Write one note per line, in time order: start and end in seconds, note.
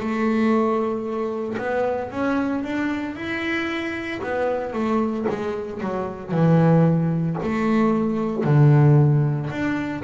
0.00 1.58 A3
1.58 2.11 B3
2.11 2.64 C#4
2.64 3.16 D4
3.16 4.22 E4
4.23 4.73 B3
4.73 5.26 A3
5.29 5.81 G#3
5.81 6.32 F#3
6.32 7.37 E3
7.43 8.44 A3
8.44 9.50 D3
9.51 10.03 D4